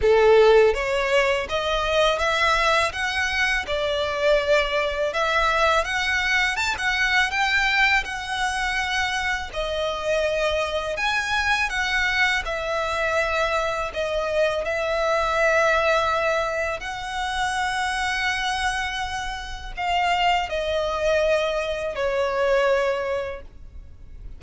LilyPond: \new Staff \with { instrumentName = "violin" } { \time 4/4 \tempo 4 = 82 a'4 cis''4 dis''4 e''4 | fis''4 d''2 e''4 | fis''4 a''16 fis''8. g''4 fis''4~ | fis''4 dis''2 gis''4 |
fis''4 e''2 dis''4 | e''2. fis''4~ | fis''2. f''4 | dis''2 cis''2 | }